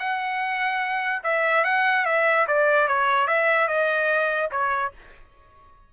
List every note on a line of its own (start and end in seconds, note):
0.00 1.23 F#5
1.24 1.65 E5
1.65 2.06 F#5
2.06 2.47 E5
2.48 2.88 D5
2.88 3.28 C#5
3.28 3.68 E5
3.68 4.51 D#5
4.51 4.93 C#5